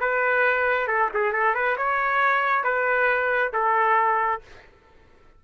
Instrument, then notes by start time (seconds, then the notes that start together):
trumpet
0.00 B4
0.87 A4
1.14 G#4
1.32 A4
1.54 B4
1.77 C#5
2.64 B4
3.53 A4